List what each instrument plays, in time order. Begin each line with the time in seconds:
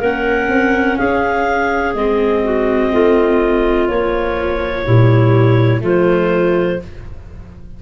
0.00 tuba A#3, viola C#4, clarinet A#4 F#5
0.48 tuba C4
0.97 tuba C#4, clarinet G#4 F5
1.94 tuba G#3, viola C4, clarinet D#5
2.44 clarinet F#4
2.92 tuba A3, clarinet F4
3.87 viola F3, tuba A#3, clarinet C#5
4.84 tuba A#2, viola G3, clarinet E4
5.81 tuba F3, viola A3, clarinet F4 C5